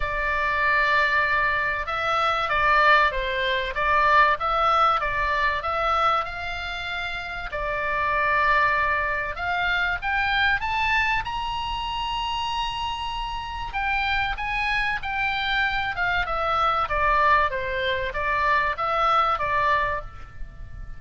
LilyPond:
\new Staff \with { instrumentName = "oboe" } { \time 4/4 \tempo 4 = 96 d''2. e''4 | d''4 c''4 d''4 e''4 | d''4 e''4 f''2 | d''2. f''4 |
g''4 a''4 ais''2~ | ais''2 g''4 gis''4 | g''4. f''8 e''4 d''4 | c''4 d''4 e''4 d''4 | }